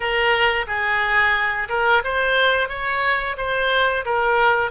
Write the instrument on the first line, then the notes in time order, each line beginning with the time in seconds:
oboe
0.00 A#4
0.67 G#4
1.69 A#4
2.04 C5
2.68 C#5
3.37 C5
4.05 A#4